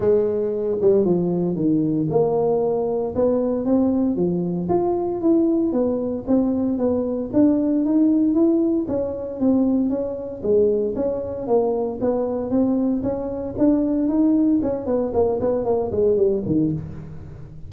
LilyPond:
\new Staff \with { instrumentName = "tuba" } { \time 4/4 \tempo 4 = 115 gis4. g8 f4 dis4 | ais2 b4 c'4 | f4 f'4 e'4 b4 | c'4 b4 d'4 dis'4 |
e'4 cis'4 c'4 cis'4 | gis4 cis'4 ais4 b4 | c'4 cis'4 d'4 dis'4 | cis'8 b8 ais8 b8 ais8 gis8 g8 dis8 | }